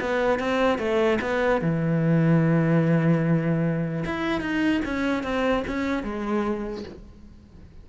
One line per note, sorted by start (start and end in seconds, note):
0.00 0.39 B3
0.39 0.78 C4
0.78 1.18 A3
1.21 1.61 B3
1.61 4.04 E3
4.05 4.40 E4
4.40 4.81 D#4
4.85 5.23 C#4
5.23 5.64 C4
5.67 6.03 C#4
6.03 6.84 G#3